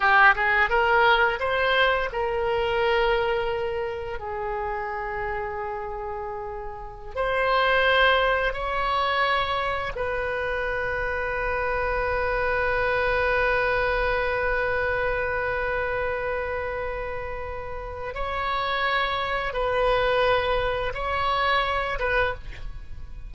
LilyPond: \new Staff \with { instrumentName = "oboe" } { \time 4/4 \tempo 4 = 86 g'8 gis'8 ais'4 c''4 ais'4~ | ais'2 gis'2~ | gis'2~ gis'16 c''4.~ c''16~ | c''16 cis''2 b'4.~ b'16~ |
b'1~ | b'1~ | b'2 cis''2 | b'2 cis''4. b'8 | }